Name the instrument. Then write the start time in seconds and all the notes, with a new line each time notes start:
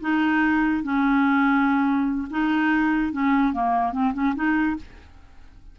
clarinet
0.00 D#4
0.83 C#4
2.30 D#4
3.12 C#4
3.53 A#3
3.92 C4
4.13 C#4
4.35 D#4